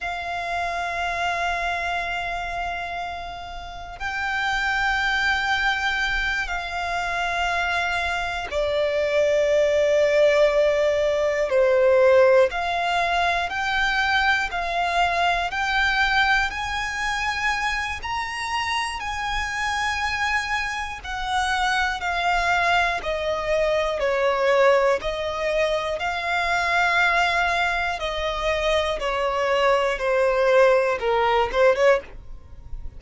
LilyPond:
\new Staff \with { instrumentName = "violin" } { \time 4/4 \tempo 4 = 60 f''1 | g''2~ g''8 f''4.~ | f''8 d''2. c''8~ | c''8 f''4 g''4 f''4 g''8~ |
g''8 gis''4. ais''4 gis''4~ | gis''4 fis''4 f''4 dis''4 | cis''4 dis''4 f''2 | dis''4 cis''4 c''4 ais'8 c''16 cis''16 | }